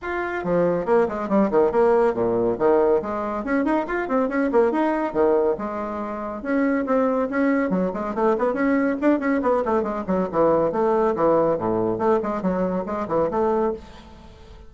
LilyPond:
\new Staff \with { instrumentName = "bassoon" } { \time 4/4 \tempo 4 = 140 f'4 f4 ais8 gis8 g8 dis8 | ais4 ais,4 dis4 gis4 | cis'8 dis'8 f'8 c'8 cis'8 ais8 dis'4 | dis4 gis2 cis'4 |
c'4 cis'4 fis8 gis8 a8 b8 | cis'4 d'8 cis'8 b8 a8 gis8 fis8 | e4 a4 e4 a,4 | a8 gis8 fis4 gis8 e8 a4 | }